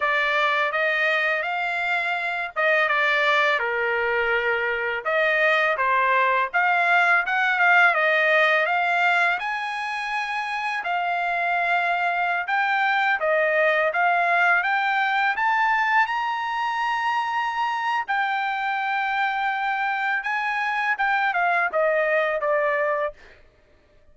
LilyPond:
\new Staff \with { instrumentName = "trumpet" } { \time 4/4 \tempo 4 = 83 d''4 dis''4 f''4. dis''8 | d''4 ais'2 dis''4 | c''4 f''4 fis''8 f''8 dis''4 | f''4 gis''2 f''4~ |
f''4~ f''16 g''4 dis''4 f''8.~ | f''16 g''4 a''4 ais''4.~ ais''16~ | ais''4 g''2. | gis''4 g''8 f''8 dis''4 d''4 | }